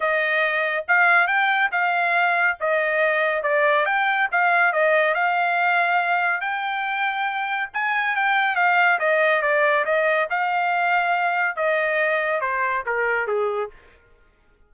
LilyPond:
\new Staff \with { instrumentName = "trumpet" } { \time 4/4 \tempo 4 = 140 dis''2 f''4 g''4 | f''2 dis''2 | d''4 g''4 f''4 dis''4 | f''2. g''4~ |
g''2 gis''4 g''4 | f''4 dis''4 d''4 dis''4 | f''2. dis''4~ | dis''4 c''4 ais'4 gis'4 | }